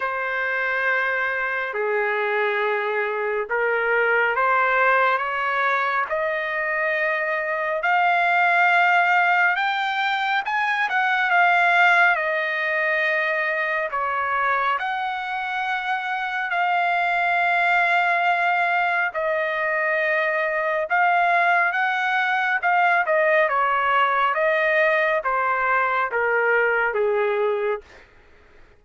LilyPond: \new Staff \with { instrumentName = "trumpet" } { \time 4/4 \tempo 4 = 69 c''2 gis'2 | ais'4 c''4 cis''4 dis''4~ | dis''4 f''2 g''4 | gis''8 fis''8 f''4 dis''2 |
cis''4 fis''2 f''4~ | f''2 dis''2 | f''4 fis''4 f''8 dis''8 cis''4 | dis''4 c''4 ais'4 gis'4 | }